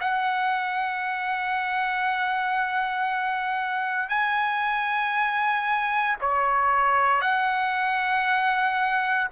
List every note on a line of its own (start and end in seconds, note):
0.00 4.09 F#5
4.09 6.16 G#5
6.20 7.21 C#5
7.21 9.28 F#5